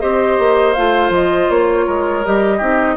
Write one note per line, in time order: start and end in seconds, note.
0.00 0.38 C4
0.00 0.75 G4
0.00 1.86 C5
0.00 0.73 D#5
0.38 0.75 A#3
0.73 1.09 A3
0.73 2.24 F4
0.73 1.10 F5
1.09 1.46 F3
1.09 1.50 D#5
1.50 1.87 A#3
1.50 2.25 C#5
1.86 2.25 G#3
1.86 2.57 A#4
2.24 2.61 G3
2.24 2.60 G4
2.24 2.96 D#5
2.57 2.96 C4
2.57 2.96 D#4
2.57 2.94 G4